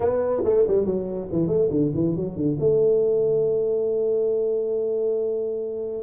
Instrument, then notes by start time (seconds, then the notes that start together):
tuba
0.00 B3
0.44 A3
0.67 G3
0.85 F#3
1.31 E3
1.47 A3
1.70 D3
1.94 E3
2.16 F#3
2.36 D3
2.59 A3